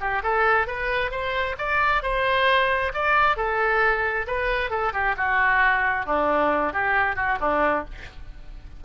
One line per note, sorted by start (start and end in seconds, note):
0.00 0.22 G4
0.23 0.67 A4
0.67 1.11 B4
1.11 1.56 C5
1.58 2.03 D5
2.03 2.92 C5
2.94 3.36 D5
3.36 4.26 A4
4.27 4.70 B4
4.70 4.93 A4
4.93 5.16 G4
5.17 6.06 F#4
6.06 6.73 D4
6.73 7.16 G4
7.16 7.38 F#4
7.40 7.85 D4